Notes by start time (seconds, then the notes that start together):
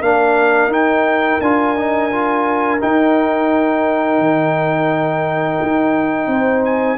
0.00 A#3 D4 A#4 F5
0.66 D#4 G5
1.40 D4 F4 G#5
1.76 D#4
2.11 F4
2.79 D#4 G5
4.18 D#3
5.61 D#4
6.27 C4 C5
6.65 G#5